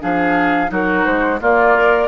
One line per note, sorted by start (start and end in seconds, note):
0.00 0.70 F3
0.00 0.68 D4
0.00 0.71 G#4
0.00 0.71 F5
0.68 1.05 F#3
0.68 1.37 D#4
0.68 1.40 F#4
0.68 1.05 A#4
1.05 1.40 G#3
1.05 1.40 C5
1.41 1.75 A#3
1.41 2.07 A#3
1.41 2.07 F4
1.41 2.07 D5
1.75 2.07 A#4